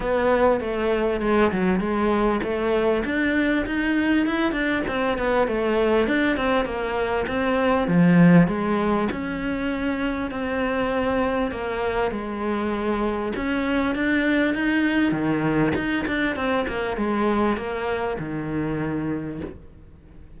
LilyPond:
\new Staff \with { instrumentName = "cello" } { \time 4/4 \tempo 4 = 99 b4 a4 gis8 fis8 gis4 | a4 d'4 dis'4 e'8 d'8 | c'8 b8 a4 d'8 c'8 ais4 | c'4 f4 gis4 cis'4~ |
cis'4 c'2 ais4 | gis2 cis'4 d'4 | dis'4 dis4 dis'8 d'8 c'8 ais8 | gis4 ais4 dis2 | }